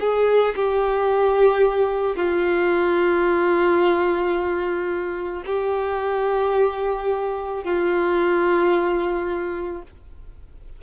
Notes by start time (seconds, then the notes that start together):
0.00 G#4
0.56 G4
2.16 F4
5.46 G4
7.64 F4